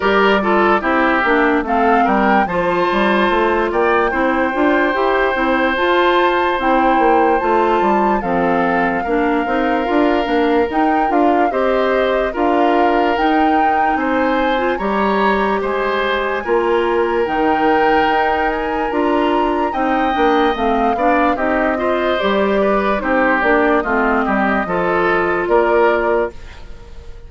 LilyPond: <<
  \new Staff \with { instrumentName = "flute" } { \time 4/4 \tempo 4 = 73 d''4 e''4 f''8 g''8 a''4~ | a''8 g''2~ g''8 a''4 | g''4 a''4 f''2~ | f''4 g''8 f''8 dis''4 f''4 |
g''4 gis''4 ais''4 gis''4~ | gis''4 g''4. gis''8 ais''4 | g''4 f''4 dis''4 d''4 | c''8 d''8 dis''2 d''4 | }
  \new Staff \with { instrumentName = "oboe" } { \time 4/4 ais'8 a'8 g'4 a'8 ais'8 c''4~ | c''8 d''8 c''2.~ | c''2 a'4 ais'4~ | ais'2 c''4 ais'4~ |
ais'4 c''4 cis''4 c''4 | ais'1 | dis''4. d''8 g'8 c''4 b'8 | g'4 f'8 g'8 a'4 ais'4 | }
  \new Staff \with { instrumentName = "clarinet" } { \time 4/4 g'8 f'8 e'8 d'8 c'4 f'4~ | f'4 e'8 f'8 g'8 e'8 f'4 | e'4 f'4 c'4 d'8 dis'8 | f'8 d'8 dis'8 f'8 g'4 f'4 |
dis'4.~ dis'16 f'16 g'2 | f'4 dis'2 f'4 | dis'8 d'8 c'8 d'8 dis'8 f'8 g'4 | dis'8 d'8 c'4 f'2 | }
  \new Staff \with { instrumentName = "bassoon" } { \time 4/4 g4 c'8 ais8 a8 g8 f8 g8 | a8 ais8 c'8 d'8 e'8 c'8 f'4 | c'8 ais8 a8 g8 f4 ais8 c'8 | d'8 ais8 dis'8 d'8 c'4 d'4 |
dis'4 c'4 g4 gis4 | ais4 dis4 dis'4 d'4 | c'8 ais8 a8 b8 c'4 g4 | c'8 ais8 a8 g8 f4 ais4 | }
>>